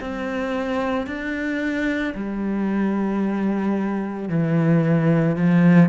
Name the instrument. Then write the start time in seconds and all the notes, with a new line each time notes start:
cello
0.00 C4
1.07 D4
2.15 G3
4.29 E3
5.37 F3